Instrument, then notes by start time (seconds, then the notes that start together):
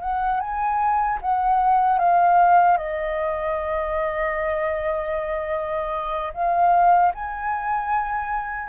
flute
0.00 F#5
0.40 G#5
1.21 F#5
1.98 F5
2.77 D#5
6.33 F5
7.14 G#5